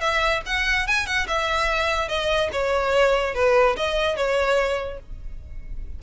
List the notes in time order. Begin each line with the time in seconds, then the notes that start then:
0.00 E5
0.46 F#5
0.87 G#5
1.06 F#5
1.27 E5
2.08 D#5
2.52 C#5
3.34 B4
3.77 D#5
4.16 C#5